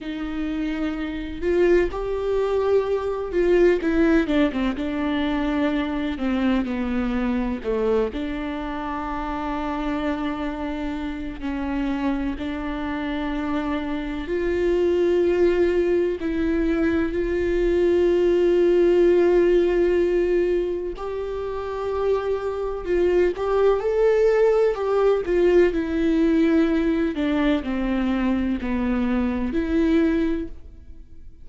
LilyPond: \new Staff \with { instrumentName = "viola" } { \time 4/4 \tempo 4 = 63 dis'4. f'8 g'4. f'8 | e'8 d'16 c'16 d'4. c'8 b4 | a8 d'2.~ d'8 | cis'4 d'2 f'4~ |
f'4 e'4 f'2~ | f'2 g'2 | f'8 g'8 a'4 g'8 f'8 e'4~ | e'8 d'8 c'4 b4 e'4 | }